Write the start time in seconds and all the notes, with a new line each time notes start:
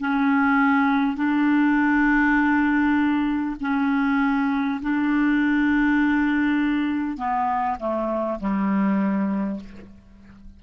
0.00 C#4
1.16 D4
3.61 C#4
4.82 D4
7.17 B3
7.79 A3
8.40 G3